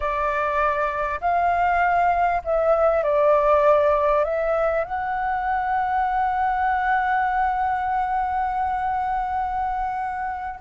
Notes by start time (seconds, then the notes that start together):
0.00 D5
1.20 F5
2.44 E5
3.03 D5
4.24 E5
4.84 F#5